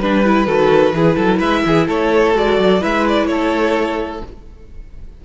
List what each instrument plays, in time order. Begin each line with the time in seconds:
0.00 cello G3, viola D4, violin B4
0.25 viola E4
0.46 cello D#3, viola F#4, violin A4
0.93 cello E3, viola E4, violin G#4
1.17 cello F#3, violin A4
1.39 cello G#3, violin B4 E5
1.66 cello E3, violin G#4
1.87 cello A3, violin A4 C#5
2.34 cello G#3, viola F#4, violin D5
2.58 cello F#3
2.81 cello G#3, viola E4, violin B4 E5
3.08 violin D5
3.27 cello A3, violin A4 C#5